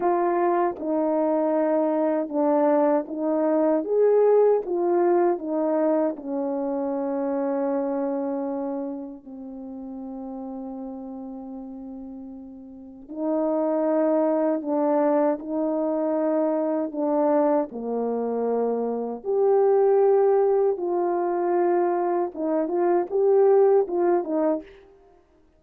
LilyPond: \new Staff \with { instrumentName = "horn" } { \time 4/4 \tempo 4 = 78 f'4 dis'2 d'4 | dis'4 gis'4 f'4 dis'4 | cis'1 | c'1~ |
c'4 dis'2 d'4 | dis'2 d'4 ais4~ | ais4 g'2 f'4~ | f'4 dis'8 f'8 g'4 f'8 dis'8 | }